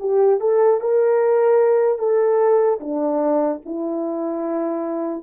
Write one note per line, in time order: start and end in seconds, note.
0.00 0.41 G4
0.41 0.81 A4
0.81 1.99 A#4
1.99 2.80 A4
2.80 3.61 D4
3.65 5.23 E4